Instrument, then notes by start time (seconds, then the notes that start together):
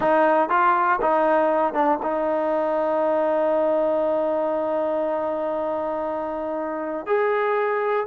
trombone
0.00 D#4
0.49 F4
1.01 D#4
1.73 D4
2.02 D#4
7.06 G#4